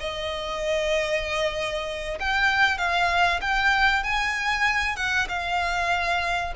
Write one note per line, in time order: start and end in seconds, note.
0.00 2.19 D#5
2.20 2.78 G5
2.78 3.41 F5
3.41 4.04 G5
4.04 4.97 G#5
4.97 5.28 F#5
5.29 6.54 F5